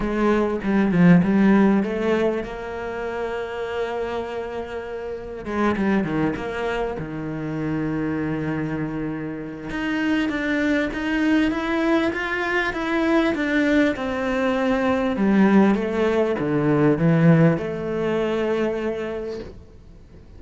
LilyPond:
\new Staff \with { instrumentName = "cello" } { \time 4/4 \tempo 4 = 99 gis4 g8 f8 g4 a4 | ais1~ | ais4 gis8 g8 dis8 ais4 dis8~ | dis1 |
dis'4 d'4 dis'4 e'4 | f'4 e'4 d'4 c'4~ | c'4 g4 a4 d4 | e4 a2. | }